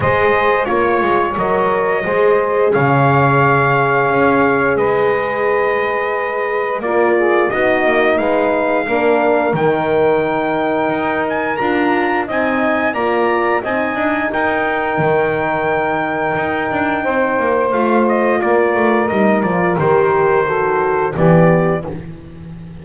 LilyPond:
<<
  \new Staff \with { instrumentName = "trumpet" } { \time 4/4 \tempo 4 = 88 dis''4 cis''4 dis''2 | f''2. dis''4~ | dis''2 d''4 dis''4 | f''2 g''2~ |
g''8 gis''8 ais''4 gis''4 ais''4 | gis''4 g''2.~ | g''2 f''8 dis''8 d''4 | dis''8 d''8 c''2 d''4 | }
  \new Staff \with { instrumentName = "saxophone" } { \time 4/4 c''4 cis''2 c''4 | cis''2. b'4~ | b'2 ais'8 gis'8 fis'4 | b'4 ais'2.~ |
ais'2 dis''4 d''4 | dis''4 ais'2.~ | ais'4 c''2 ais'4~ | ais'2 a'4 g'4 | }
  \new Staff \with { instrumentName = "horn" } { \time 4/4 gis'4 f'4 ais'4 gis'4~ | gis'1~ | gis'2 f'4 dis'4~ | dis'4 d'4 dis'2~ |
dis'4 f'4 dis'4 f'4 | dis'1~ | dis'2 f'2 | dis'8 f'8 g'4 fis'4 b4 | }
  \new Staff \with { instrumentName = "double bass" } { \time 4/4 gis4 ais8 gis8 fis4 gis4 | cis2 cis'4 gis4~ | gis2 ais4 b8 ais8 | gis4 ais4 dis2 |
dis'4 d'4 c'4 ais4 | c'8 d'8 dis'4 dis2 | dis'8 d'8 c'8 ais8 a4 ais8 a8 | g8 f8 dis2 e4 | }
>>